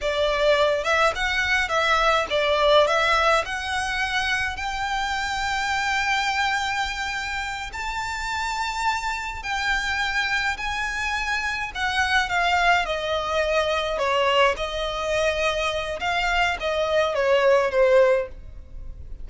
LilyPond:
\new Staff \with { instrumentName = "violin" } { \time 4/4 \tempo 4 = 105 d''4. e''8 fis''4 e''4 | d''4 e''4 fis''2 | g''1~ | g''4. a''2~ a''8~ |
a''8 g''2 gis''4.~ | gis''8 fis''4 f''4 dis''4.~ | dis''8 cis''4 dis''2~ dis''8 | f''4 dis''4 cis''4 c''4 | }